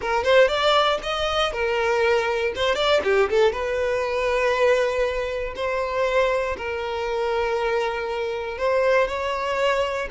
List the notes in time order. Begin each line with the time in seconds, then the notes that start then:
0.01 A#4
0.24 C5
0.48 D5
1.02 D#5
1.52 A#4
2.55 C5
2.75 D5
3.04 G4
3.29 A4
3.52 B4
5.55 C5
6.57 A#4
8.58 C5
9.07 C#5